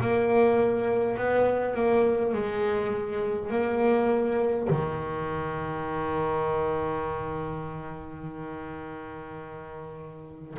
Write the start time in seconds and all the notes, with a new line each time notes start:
0.00 A#3
1.17 B3
1.74 A#3
2.33 G#3
3.50 A#3
4.70 D#3